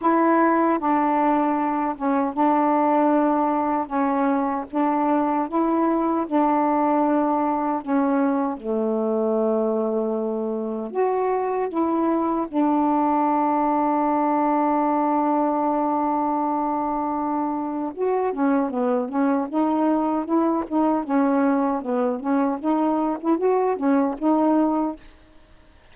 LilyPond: \new Staff \with { instrumentName = "saxophone" } { \time 4/4 \tempo 4 = 77 e'4 d'4. cis'8 d'4~ | d'4 cis'4 d'4 e'4 | d'2 cis'4 a4~ | a2 fis'4 e'4 |
d'1~ | d'2. fis'8 cis'8 | b8 cis'8 dis'4 e'8 dis'8 cis'4 | b8 cis'8 dis'8. e'16 fis'8 cis'8 dis'4 | }